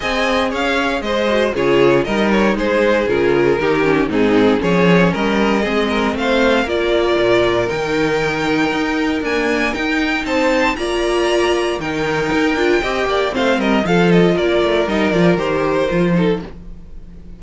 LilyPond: <<
  \new Staff \with { instrumentName = "violin" } { \time 4/4 \tempo 4 = 117 gis''4 f''4 dis''4 cis''4 | dis''8 cis''8 c''4 ais'2 | gis'4 cis''4 dis''2 | f''4 d''2 g''4~ |
g''2 gis''4 g''4 | a''4 ais''2 g''4~ | g''2 f''8 dis''8 f''8 dis''8 | d''4 dis''8 d''8 c''2 | }
  \new Staff \with { instrumentName = "violin" } { \time 4/4 dis''4 cis''4 c''4 gis'4 | ais'4 gis'2 g'4 | dis'4 gis'4 ais'4 gis'8 ais'8 | c''4 ais'2.~ |
ais'1 | c''4 d''2 ais'4~ | ais'4 dis''8 d''8 c''8 ais'8 a'4 | ais'2.~ ais'8 a'8 | }
  \new Staff \with { instrumentName = "viola" } { \time 4/4 gis'2~ gis'8 fis'8 f'4 | dis'2 f'4 dis'8 cis'8 | c'4 cis'2 c'4~ | c'4 f'2 dis'4~ |
dis'2 ais4 dis'4~ | dis'4 f'2 dis'4~ | dis'8 f'8 g'4 c'4 f'4~ | f'4 dis'8 f'8 g'4 f'8 dis'8 | }
  \new Staff \with { instrumentName = "cello" } { \time 4/4 c'4 cis'4 gis4 cis4 | g4 gis4 cis4 dis4 | gis,4 f4 g4 gis4 | a4 ais4 ais,4 dis4~ |
dis4 dis'4 d'4 dis'4 | c'4 ais2 dis4 | dis'8 d'8 c'8 ais8 a8 g8 f4 | ais8 a8 g8 f8 dis4 f4 | }
>>